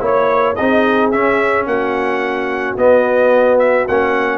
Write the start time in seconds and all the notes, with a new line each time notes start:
0.00 A#3 E4 C#5
0.55 C4 D#4 G#4 D#5
1.11 C#4 E5
1.66 A#3 F#4 F#5
2.77 B3 D#5
3.58 E5
3.88 A#3 C#4 F#5